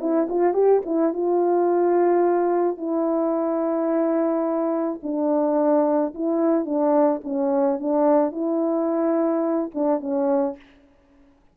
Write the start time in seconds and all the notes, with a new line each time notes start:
0.00 E4
0.29 F4
0.54 G4
0.86 E4
1.13 F4
2.77 E4
5.03 D4
6.15 E4
6.65 D4
7.24 C#4
7.79 D4
8.32 E4
9.74 D4
10.01 C#4